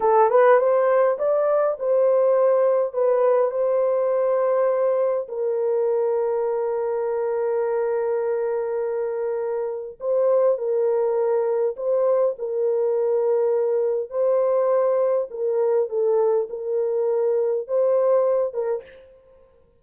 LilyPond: \new Staff \with { instrumentName = "horn" } { \time 4/4 \tempo 4 = 102 a'8 b'8 c''4 d''4 c''4~ | c''4 b'4 c''2~ | c''4 ais'2.~ | ais'1~ |
ais'4 c''4 ais'2 | c''4 ais'2. | c''2 ais'4 a'4 | ais'2 c''4. ais'8 | }